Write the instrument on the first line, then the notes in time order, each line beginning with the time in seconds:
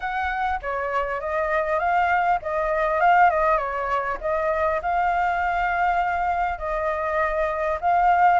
flute
0.00 F#5
0.62 C#5
1.20 D#5
1.79 F5
2.42 D#5
3.00 F5
3.30 D#5
3.57 C#5
4.20 D#5
4.82 F5
6.58 D#5
7.80 F5